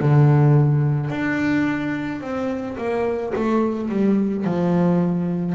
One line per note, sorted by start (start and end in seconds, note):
0.00 1.10 D3
1.10 2.21 D4
2.21 2.77 C4
2.77 3.33 A#3
3.35 3.89 A3
3.89 4.44 G3
4.44 5.55 F3